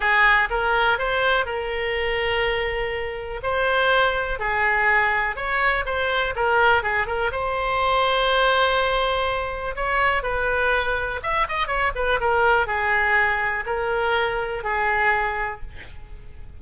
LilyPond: \new Staff \with { instrumentName = "oboe" } { \time 4/4 \tempo 4 = 123 gis'4 ais'4 c''4 ais'4~ | ais'2. c''4~ | c''4 gis'2 cis''4 | c''4 ais'4 gis'8 ais'8 c''4~ |
c''1 | cis''4 b'2 e''8 dis''8 | cis''8 b'8 ais'4 gis'2 | ais'2 gis'2 | }